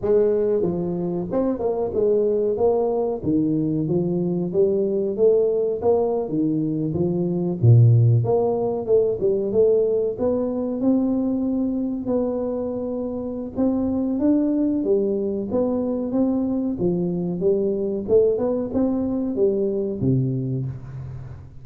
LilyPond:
\new Staff \with { instrumentName = "tuba" } { \time 4/4 \tempo 4 = 93 gis4 f4 c'8 ais8 gis4 | ais4 dis4 f4 g4 | a4 ais8. dis4 f4 ais,16~ | ais,8. ais4 a8 g8 a4 b16~ |
b8. c'2 b4~ b16~ | b4 c'4 d'4 g4 | b4 c'4 f4 g4 | a8 b8 c'4 g4 c4 | }